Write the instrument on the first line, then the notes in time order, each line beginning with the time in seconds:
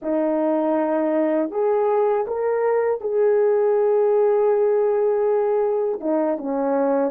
horn
0.02 D#4
1.50 G#4
2.27 A#4
3.00 G#4
6.00 D#4
6.38 C#4